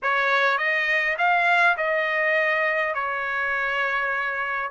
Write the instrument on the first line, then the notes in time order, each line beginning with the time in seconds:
trumpet
0.02 C#5
0.57 D#5
1.17 F5
1.77 D#5
2.94 C#5